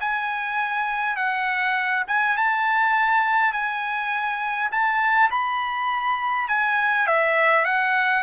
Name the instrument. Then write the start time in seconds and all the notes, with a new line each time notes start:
trumpet
0.00 G#5
1.16 F#5
2.07 G#5
2.37 A5
3.53 G#5
4.71 A5
5.31 B5
6.48 G#5
7.07 E5
7.65 F#5